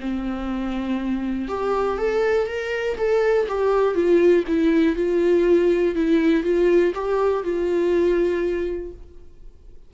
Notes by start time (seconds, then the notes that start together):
0.00 C4
1.48 G4
1.98 A4
2.47 A#4
2.97 A4
3.48 G4
3.94 F4
4.47 E4
4.96 F4
5.95 E4
6.43 F4
6.94 G4
7.43 F4